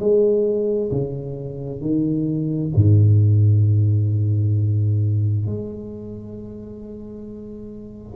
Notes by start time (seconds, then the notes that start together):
0.00 G#3
0.91 C#3
1.81 D#3
2.76 G#2
5.46 G#3